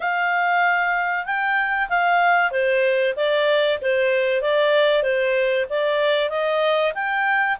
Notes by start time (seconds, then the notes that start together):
0.00 F5
1.25 G5
1.89 F5
2.51 C5
3.16 D5
3.81 C5
4.41 D5
5.02 C5
5.69 D5
6.29 D#5
6.94 G5